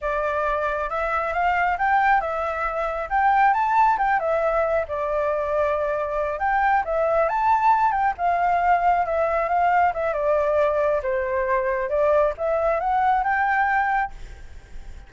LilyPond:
\new Staff \with { instrumentName = "flute" } { \time 4/4 \tempo 4 = 136 d''2 e''4 f''4 | g''4 e''2 g''4 | a''4 g''8 e''4. d''4~ | d''2~ d''8 g''4 e''8~ |
e''8 a''4. g''8 f''4.~ | f''8 e''4 f''4 e''8 d''4~ | d''4 c''2 d''4 | e''4 fis''4 g''2 | }